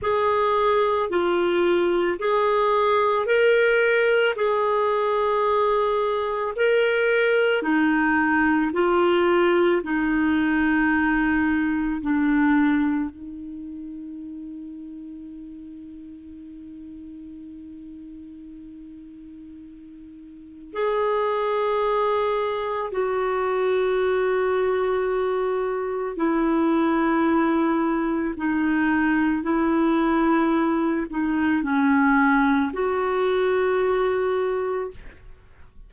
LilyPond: \new Staff \with { instrumentName = "clarinet" } { \time 4/4 \tempo 4 = 55 gis'4 f'4 gis'4 ais'4 | gis'2 ais'4 dis'4 | f'4 dis'2 d'4 | dis'1~ |
dis'2. gis'4~ | gis'4 fis'2. | e'2 dis'4 e'4~ | e'8 dis'8 cis'4 fis'2 | }